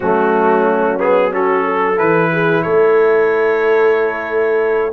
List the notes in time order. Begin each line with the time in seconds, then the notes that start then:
0.00 F#3 A3 C#4 F#4
0.99 B3 G#4
1.31 C#4 F#4 A4
1.64 A4
1.95 E3 E4 B4
2.31 G#4
2.62 A3 A4 C#5